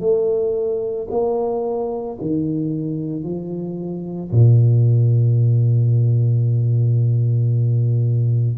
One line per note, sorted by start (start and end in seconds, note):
0.00 1.07 A3
1.11 2.18 A#3
2.21 3.23 D#3
3.23 4.31 F3
4.31 8.58 A#2